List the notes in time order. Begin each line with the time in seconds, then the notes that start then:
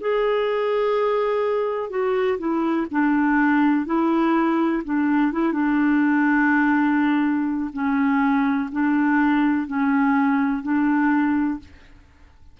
0.00 G#4
1.90 F#4
2.38 E4
2.91 D4
3.86 E4
4.84 D4
5.32 E4
5.52 D4
7.73 C#4
8.71 D4
9.66 C#4
10.63 D4